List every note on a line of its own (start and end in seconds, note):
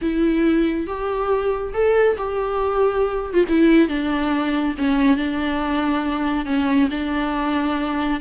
0.01 0.86 E4
0.86 1.73 G4
1.73 2.16 A4
2.17 3.33 G4
3.33 3.44 F4
3.48 3.88 E4
3.88 4.74 D4
4.78 5.16 C#4
5.16 6.45 D4
6.45 6.88 C#4
6.90 8.20 D4